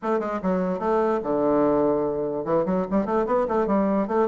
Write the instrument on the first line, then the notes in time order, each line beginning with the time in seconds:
bassoon
0.02 A3
0.19 G#3
0.42 F#3
0.79 A3
1.23 D3
2.45 E3
2.65 F#3
2.90 G3
3.05 A3
3.26 B3
3.47 A3
3.66 G3
4.07 A3